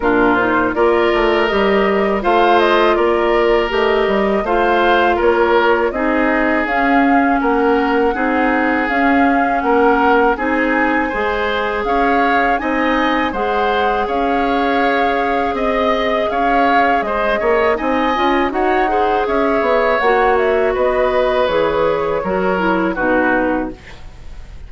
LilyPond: <<
  \new Staff \with { instrumentName = "flute" } { \time 4/4 \tempo 4 = 81 ais'8 c''8 d''4 dis''4 f''8 dis''8 | d''4 dis''4 f''4 cis''4 | dis''4 f''4 fis''2 | f''4 fis''4 gis''2 |
f''4 gis''4 fis''4 f''4~ | f''4 dis''4 f''4 dis''4 | gis''4 fis''4 e''4 fis''8 e''8 | dis''4 cis''2 b'4 | }
  \new Staff \with { instrumentName = "oboe" } { \time 4/4 f'4 ais'2 c''4 | ais'2 c''4 ais'4 | gis'2 ais'4 gis'4~ | gis'4 ais'4 gis'4 c''4 |
cis''4 dis''4 c''4 cis''4~ | cis''4 dis''4 cis''4 c''8 cis''8 | dis''4 cis''8 c''8 cis''2 | b'2 ais'4 fis'4 | }
  \new Staff \with { instrumentName = "clarinet" } { \time 4/4 d'8 dis'8 f'4 g'4 f'4~ | f'4 g'4 f'2 | dis'4 cis'2 dis'4 | cis'2 dis'4 gis'4~ |
gis'4 dis'4 gis'2~ | gis'1 | dis'8 f'8 fis'8 gis'4. fis'4~ | fis'4 gis'4 fis'8 e'8 dis'4 | }
  \new Staff \with { instrumentName = "bassoon" } { \time 4/4 ais,4 ais8 a8 g4 a4 | ais4 a8 g8 a4 ais4 | c'4 cis'4 ais4 c'4 | cis'4 ais4 c'4 gis4 |
cis'4 c'4 gis4 cis'4~ | cis'4 c'4 cis'4 gis8 ais8 | c'8 cis'8 dis'4 cis'8 b8 ais4 | b4 e4 fis4 b,4 | }
>>